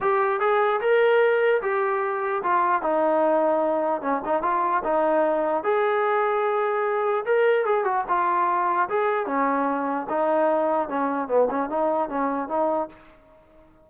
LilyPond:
\new Staff \with { instrumentName = "trombone" } { \time 4/4 \tempo 4 = 149 g'4 gis'4 ais'2 | g'2 f'4 dis'4~ | dis'2 cis'8 dis'8 f'4 | dis'2 gis'2~ |
gis'2 ais'4 gis'8 fis'8 | f'2 gis'4 cis'4~ | cis'4 dis'2 cis'4 | b8 cis'8 dis'4 cis'4 dis'4 | }